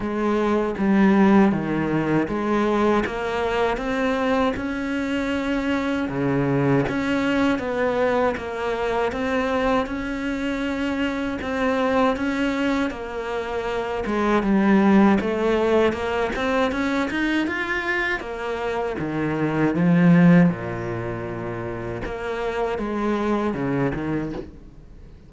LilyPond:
\new Staff \with { instrumentName = "cello" } { \time 4/4 \tempo 4 = 79 gis4 g4 dis4 gis4 | ais4 c'4 cis'2 | cis4 cis'4 b4 ais4 | c'4 cis'2 c'4 |
cis'4 ais4. gis8 g4 | a4 ais8 c'8 cis'8 dis'8 f'4 | ais4 dis4 f4 ais,4~ | ais,4 ais4 gis4 cis8 dis8 | }